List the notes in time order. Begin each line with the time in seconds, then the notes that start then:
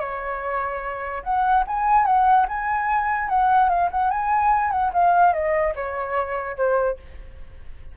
0.00 C#5
1.23 F#5
1.67 G#5
2.05 F#5
2.48 G#5
3.29 F#5
3.69 F5
3.91 F#5
4.10 G#5
4.71 F#5
4.93 F5
5.33 D#5
5.75 C#5
6.56 C5